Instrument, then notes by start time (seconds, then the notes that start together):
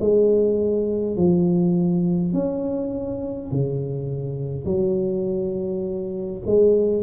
tuba
0.00 G#3
1.16 F3
2.33 C#4
3.51 C#3
4.65 F#3
6.45 G#3